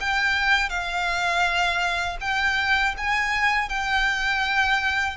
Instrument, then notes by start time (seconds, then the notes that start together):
violin
0.00 G5
0.69 F5
2.21 G5
2.97 G#5
3.69 G5